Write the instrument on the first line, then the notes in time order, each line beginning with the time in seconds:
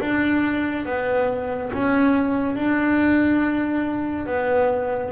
double bass
0.00 D4
0.85 B3
1.73 C#4
2.56 D4
4.27 B3